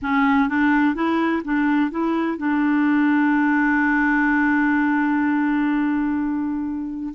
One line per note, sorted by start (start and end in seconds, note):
0.02 0.48 C#4
0.48 0.95 D4
0.95 1.42 E4
1.44 1.90 D4
1.90 2.37 E4
2.37 7.13 D4